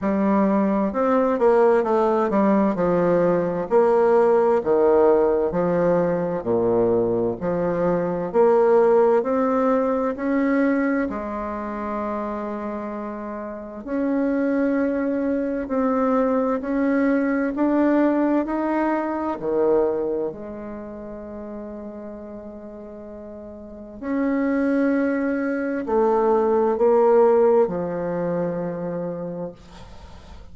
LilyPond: \new Staff \with { instrumentName = "bassoon" } { \time 4/4 \tempo 4 = 65 g4 c'8 ais8 a8 g8 f4 | ais4 dis4 f4 ais,4 | f4 ais4 c'4 cis'4 | gis2. cis'4~ |
cis'4 c'4 cis'4 d'4 | dis'4 dis4 gis2~ | gis2 cis'2 | a4 ais4 f2 | }